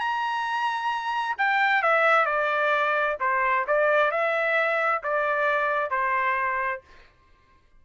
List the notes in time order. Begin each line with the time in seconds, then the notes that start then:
0.00 A#5
1.38 G5
1.82 E5
2.26 D5
3.20 C5
3.67 D5
4.11 E5
5.04 D5
5.90 C5